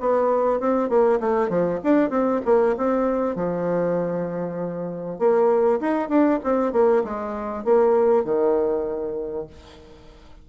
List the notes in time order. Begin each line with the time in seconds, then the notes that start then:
0.00 B3
0.60 C4
0.89 A#3
1.20 A3
1.49 F3
1.84 D4
2.10 C4
2.45 A#3
2.77 C4
3.36 F3
5.19 A#3
5.80 D#4
6.09 D4
6.43 C4
6.73 A#3
7.04 G#3
7.64 A#3
8.24 D#3